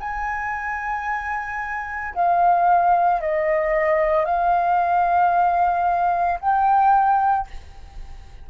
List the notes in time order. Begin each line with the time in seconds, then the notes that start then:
0.00 G#5
2.15 F5
3.21 D#5
4.25 F5
6.40 G5